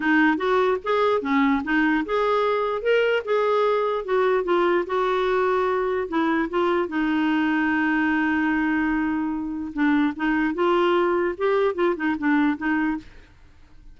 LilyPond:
\new Staff \with { instrumentName = "clarinet" } { \time 4/4 \tempo 4 = 148 dis'4 fis'4 gis'4 cis'4 | dis'4 gis'2 ais'4 | gis'2 fis'4 f'4 | fis'2. e'4 |
f'4 dis'2.~ | dis'1 | d'4 dis'4 f'2 | g'4 f'8 dis'8 d'4 dis'4 | }